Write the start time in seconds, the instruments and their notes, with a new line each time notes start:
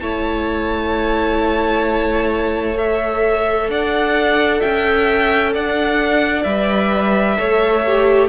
0.00 cello A3, viola E4, violin C#5 A5
2.74 viola A4, violin E5
3.69 cello D4, violin D5 F#5
4.60 cello C#4, violin E5 G5
5.53 cello D4, violin D5 F#5
6.43 cello G3, viola B4, violin E5
7.37 cello A3, viola A4, violin C#5
7.86 viola G4